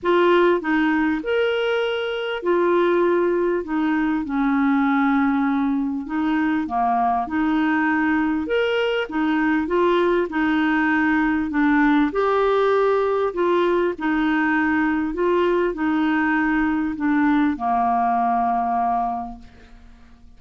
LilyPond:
\new Staff \with { instrumentName = "clarinet" } { \time 4/4 \tempo 4 = 99 f'4 dis'4 ais'2 | f'2 dis'4 cis'4~ | cis'2 dis'4 ais4 | dis'2 ais'4 dis'4 |
f'4 dis'2 d'4 | g'2 f'4 dis'4~ | dis'4 f'4 dis'2 | d'4 ais2. | }